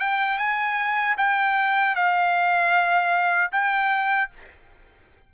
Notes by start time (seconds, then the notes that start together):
0.00 G5
0.38 G#5
1.18 G5
1.96 F5
3.52 G5